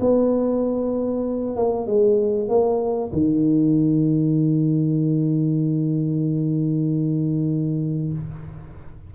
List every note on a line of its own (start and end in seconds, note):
0.00 1.56 B3
1.56 1.86 A#3
1.86 2.48 G#3
2.48 3.11 A#3
3.12 8.12 D#3